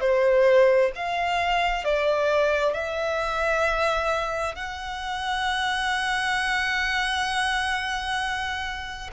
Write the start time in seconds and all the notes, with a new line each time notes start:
0.00 C5
0.95 F5
1.84 D5
2.73 E5
4.55 F#5